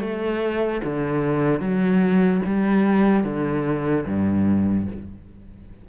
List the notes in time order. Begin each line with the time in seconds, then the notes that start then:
0.00 A3
0.84 D3
1.60 F#3
2.46 G3
3.24 D3
4.06 G2